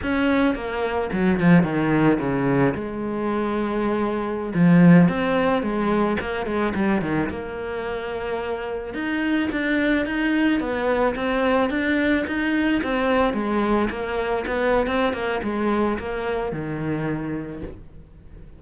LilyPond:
\new Staff \with { instrumentName = "cello" } { \time 4/4 \tempo 4 = 109 cis'4 ais4 fis8 f8 dis4 | cis4 gis2.~ | gis16 f4 c'4 gis4 ais8 gis16~ | gis16 g8 dis8 ais2~ ais8.~ |
ais16 dis'4 d'4 dis'4 b8.~ | b16 c'4 d'4 dis'4 c'8.~ | c'16 gis4 ais4 b8. c'8 ais8 | gis4 ais4 dis2 | }